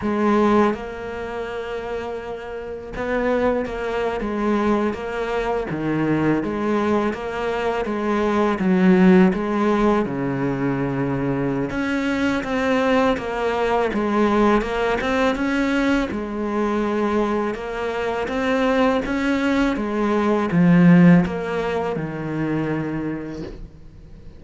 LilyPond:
\new Staff \with { instrumentName = "cello" } { \time 4/4 \tempo 4 = 82 gis4 ais2. | b4 ais8. gis4 ais4 dis16~ | dis8. gis4 ais4 gis4 fis16~ | fis8. gis4 cis2~ cis16 |
cis'4 c'4 ais4 gis4 | ais8 c'8 cis'4 gis2 | ais4 c'4 cis'4 gis4 | f4 ais4 dis2 | }